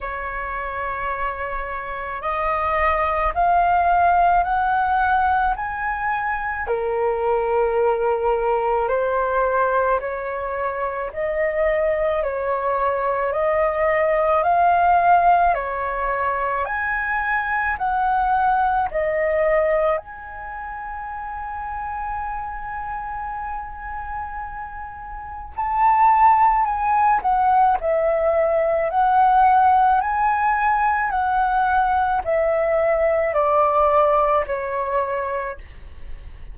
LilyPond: \new Staff \with { instrumentName = "flute" } { \time 4/4 \tempo 4 = 54 cis''2 dis''4 f''4 | fis''4 gis''4 ais'2 | c''4 cis''4 dis''4 cis''4 | dis''4 f''4 cis''4 gis''4 |
fis''4 dis''4 gis''2~ | gis''2. a''4 | gis''8 fis''8 e''4 fis''4 gis''4 | fis''4 e''4 d''4 cis''4 | }